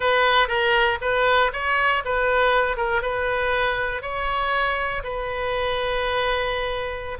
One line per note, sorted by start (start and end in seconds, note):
0.00 0.48 B4
0.48 0.98 A#4
1.01 1.51 B4
1.52 2.03 C#5
2.04 2.77 B4
2.77 3.02 A#4
3.02 4.02 B4
4.02 5.02 C#5
5.03 7.17 B4